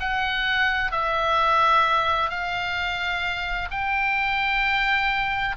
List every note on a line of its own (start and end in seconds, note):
0.00 0.92 F#5
0.92 2.30 E5
2.30 3.69 F5
3.71 5.56 G5